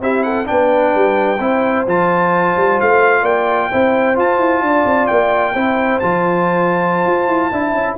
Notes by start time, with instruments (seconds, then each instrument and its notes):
0.00 tuba C4, trombone E4, horn G4, trumpet E5
0.23 horn A4, trumpet F#5
0.45 tuba B3, trombone D4, horn B4, trumpet G5
0.95 tuba G3
1.39 tuba C4, trombone E4, horn C5
1.86 tuba F3, trombone F4, trumpet A5
2.56 tuba G3
2.80 tuba A3, trumpet F5
3.22 tuba A#3, horn D5, trumpet G5
3.71 tuba C4, trombone E4, horn C5
4.15 trombone F4, tuba F4, trumpet A5
4.38 tuba E4
4.61 tuba D4, horn D5
4.85 tuba C4
5.07 tuba A#3, trumpet G5
5.53 tuba C4, trombone E4, horn C5
5.99 tuba F3, trombone F4, trumpet A5
7.06 tuba F4
7.27 tuba E4
7.51 tuba D4, trombone E4, horn E5
7.73 tuba C#4